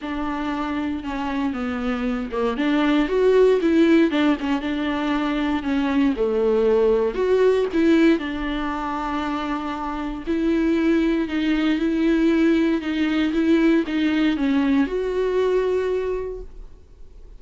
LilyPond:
\new Staff \with { instrumentName = "viola" } { \time 4/4 \tempo 4 = 117 d'2 cis'4 b4~ | b8 ais8 d'4 fis'4 e'4 | d'8 cis'8 d'2 cis'4 | a2 fis'4 e'4 |
d'1 | e'2 dis'4 e'4~ | e'4 dis'4 e'4 dis'4 | cis'4 fis'2. | }